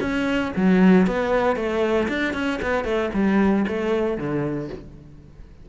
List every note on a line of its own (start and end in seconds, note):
0.00 0.52 C#4
0.55 1.07 F#3
1.07 1.55 B3
1.55 2.07 A3
2.08 2.33 D4
2.33 2.59 C#4
2.62 2.84 B3
2.84 3.10 A3
3.13 3.65 G3
3.67 4.17 A3
4.17 4.69 D3